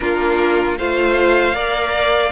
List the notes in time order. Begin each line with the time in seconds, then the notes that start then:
0.00 A#3 D4 F4 A#4
0.78 A3 F4 C5 F5
1.53 A#3 A#4 D5